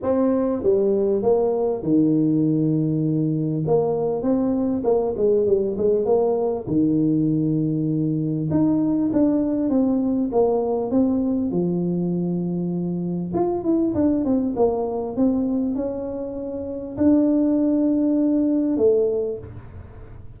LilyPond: \new Staff \with { instrumentName = "tuba" } { \time 4/4 \tempo 4 = 99 c'4 g4 ais4 dis4~ | dis2 ais4 c'4 | ais8 gis8 g8 gis8 ais4 dis4~ | dis2 dis'4 d'4 |
c'4 ais4 c'4 f4~ | f2 f'8 e'8 d'8 c'8 | ais4 c'4 cis'2 | d'2. a4 | }